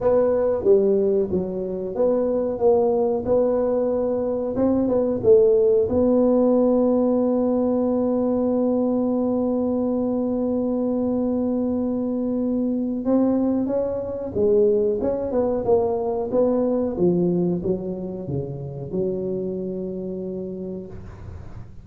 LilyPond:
\new Staff \with { instrumentName = "tuba" } { \time 4/4 \tempo 4 = 92 b4 g4 fis4 b4 | ais4 b2 c'8 b8 | a4 b2.~ | b1~ |
b1 | c'4 cis'4 gis4 cis'8 b8 | ais4 b4 f4 fis4 | cis4 fis2. | }